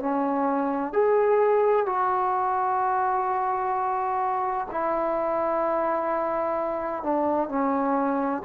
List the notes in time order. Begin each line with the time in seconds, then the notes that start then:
0.00 C#4
0.93 G#4
1.87 F#4
4.71 E4
7.04 D4
7.49 C#4